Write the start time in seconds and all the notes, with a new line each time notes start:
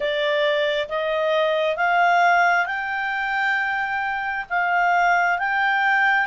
0.00 D5
0.88 D#5
1.76 F5
2.66 G5
4.49 F5
5.39 G5